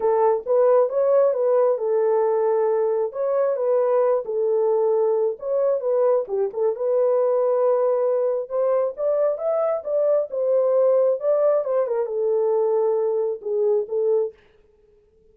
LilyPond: \new Staff \with { instrumentName = "horn" } { \time 4/4 \tempo 4 = 134 a'4 b'4 cis''4 b'4 | a'2. cis''4 | b'4. a'2~ a'8 | cis''4 b'4 g'8 a'8 b'4~ |
b'2. c''4 | d''4 e''4 d''4 c''4~ | c''4 d''4 c''8 ais'8 a'4~ | a'2 gis'4 a'4 | }